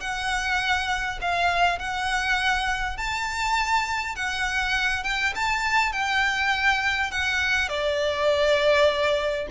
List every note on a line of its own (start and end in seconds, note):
0.00 1.19 F#5
1.21 1.78 F5
1.78 2.97 F#5
2.97 4.15 A5
4.15 5.03 F#5
5.03 5.33 G5
5.35 5.92 A5
5.92 7.11 G5
7.11 7.68 F#5
7.68 9.47 D5